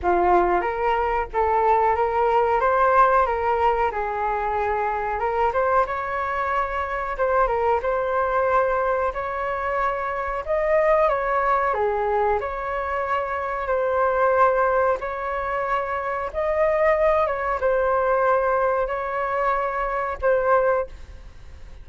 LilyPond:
\new Staff \with { instrumentName = "flute" } { \time 4/4 \tempo 4 = 92 f'4 ais'4 a'4 ais'4 | c''4 ais'4 gis'2 | ais'8 c''8 cis''2 c''8 ais'8 | c''2 cis''2 |
dis''4 cis''4 gis'4 cis''4~ | cis''4 c''2 cis''4~ | cis''4 dis''4. cis''8 c''4~ | c''4 cis''2 c''4 | }